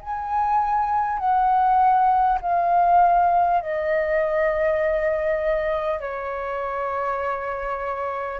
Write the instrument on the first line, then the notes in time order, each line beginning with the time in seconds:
flute
0.00 G#5
1.18 F#5
2.41 F5
3.61 D#5
6.00 C#5